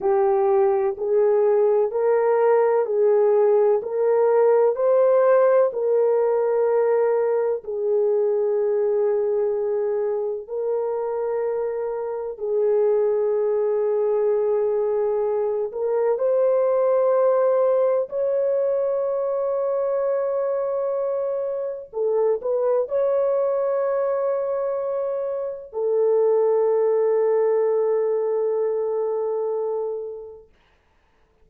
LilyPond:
\new Staff \with { instrumentName = "horn" } { \time 4/4 \tempo 4 = 63 g'4 gis'4 ais'4 gis'4 | ais'4 c''4 ais'2 | gis'2. ais'4~ | ais'4 gis'2.~ |
gis'8 ais'8 c''2 cis''4~ | cis''2. a'8 b'8 | cis''2. a'4~ | a'1 | }